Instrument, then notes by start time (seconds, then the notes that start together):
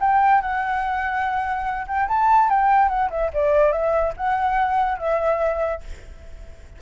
flute
0.00 G5
0.41 F#5
1.87 G5
2.08 A5
2.49 G5
2.88 F#5
3.10 E5
3.33 D5
3.72 E5
4.16 F#5
4.98 E5